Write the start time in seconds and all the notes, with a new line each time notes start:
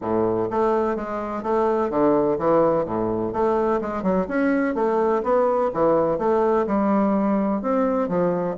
0.01 A2
0.50 A3
0.95 G#3
1.42 A3
1.89 D3
2.38 E3
2.85 A2
3.32 A3
3.81 G#3
4.02 F#3
4.27 C#4
4.74 A3
5.23 B3
5.73 E3
6.18 A3
6.66 G3
7.62 C4
8.08 F3